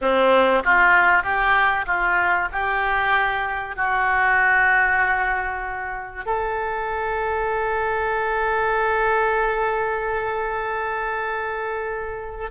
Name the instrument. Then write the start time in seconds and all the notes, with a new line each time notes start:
oboe
0.01 C4
0.63 F4
1.23 G4
1.86 F4
2.51 G4
3.76 F#4
6.25 A4